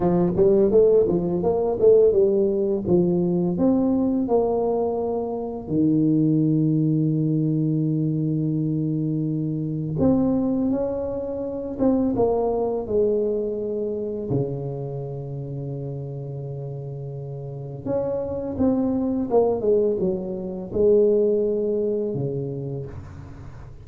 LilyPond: \new Staff \with { instrumentName = "tuba" } { \time 4/4 \tempo 4 = 84 f8 g8 a8 f8 ais8 a8 g4 | f4 c'4 ais2 | dis1~ | dis2 c'4 cis'4~ |
cis'8 c'8 ais4 gis2 | cis1~ | cis4 cis'4 c'4 ais8 gis8 | fis4 gis2 cis4 | }